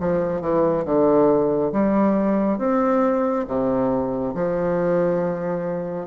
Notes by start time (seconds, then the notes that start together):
0.00 F3
0.41 E3
0.85 D3
1.72 G3
2.58 C4
3.47 C3
4.35 F3